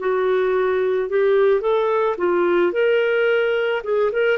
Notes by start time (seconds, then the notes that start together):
0.00 F#4
1.10 G4
1.61 A4
2.18 F4
2.73 A#4
3.84 G#4
4.13 A#4